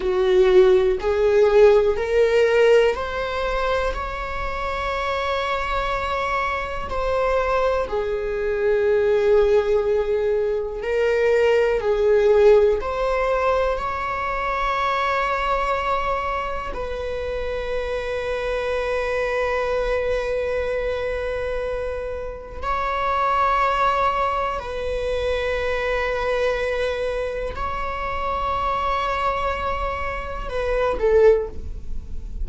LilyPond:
\new Staff \with { instrumentName = "viola" } { \time 4/4 \tempo 4 = 61 fis'4 gis'4 ais'4 c''4 | cis''2. c''4 | gis'2. ais'4 | gis'4 c''4 cis''2~ |
cis''4 b'2.~ | b'2. cis''4~ | cis''4 b'2. | cis''2. b'8 a'8 | }